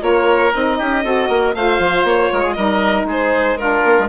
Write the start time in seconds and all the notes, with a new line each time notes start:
0.00 A#3 F4 A#4 C#5
0.53 C4 D#4 D#5
0.79 C#4 G4
1.03 C4 F#4 A4
1.29 A#3 A#4
1.55 A3 F4 C5 F5
1.80 F3
2.04 A#3 C#5
2.33 G#3 A#4
2.43 G#4
2.53 G3 D#4 A#4 D#5
3.05 G#3 G#4
3.11 C5
3.58 D4 F4 A#4
3.86 A#3
4.00 G#3